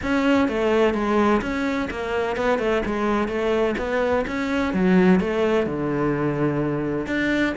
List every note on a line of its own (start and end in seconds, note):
0.02 0.48 C#4
0.48 0.93 A3
0.93 1.41 G#3
1.41 1.88 C#4
1.90 2.36 A#3
2.36 2.59 B3
2.59 2.82 A3
2.85 3.28 G#3
3.28 3.75 A3
3.78 4.25 B3
4.27 4.73 C#4
4.73 5.20 F#3
5.20 5.66 A3
5.66 7.06 D3
7.06 7.53 D4